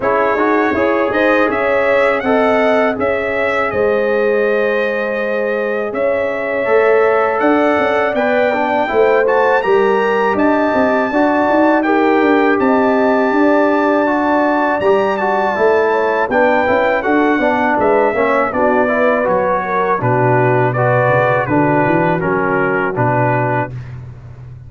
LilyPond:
<<
  \new Staff \with { instrumentName = "trumpet" } { \time 4/4 \tempo 4 = 81 cis''4. dis''8 e''4 fis''4 | e''4 dis''2. | e''2 fis''4 g''4~ | g''8 a''8 ais''4 a''2 |
g''4 a''2. | ais''8 a''4. g''4 fis''4 | e''4 d''4 cis''4 b'4 | d''4 b'4 ais'4 b'4 | }
  \new Staff \with { instrumentName = "horn" } { \time 4/4 gis'4 cis''8 c''8 cis''4 dis''4 | cis''4 c''2. | cis''2 d''2 | c''4 ais'4 dis''4 d''4 |
ais'4 dis''4 d''2~ | d''4. cis''8 b'4 a'8 d''8 | b'8 cis''8 fis'8 b'4 ais'8 fis'4 | b'4 fis'2. | }
  \new Staff \with { instrumentName = "trombone" } { \time 4/4 e'8 fis'8 gis'2 a'4 | gis'1~ | gis'4 a'2 b'8 d'8 | e'8 fis'8 g'2 fis'4 |
g'2. fis'4 | g'8 fis'8 e'4 d'8 e'8 fis'8 d'8~ | d'8 cis'8 d'8 e'8 fis'4 d'4 | fis'4 d'4 cis'4 d'4 | }
  \new Staff \with { instrumentName = "tuba" } { \time 4/4 cis'8 dis'8 e'8 dis'8 cis'4 c'4 | cis'4 gis2. | cis'4 a4 d'8 cis'8 b4 | a4 g4 d'8 c'8 d'8 dis'8~ |
dis'8 d'8 c'4 d'2 | g4 a4 b8 cis'8 d'8 b8 | gis8 ais8 b4 fis4 b,4~ | b,8 cis8 d8 e8 fis4 b,4 | }
>>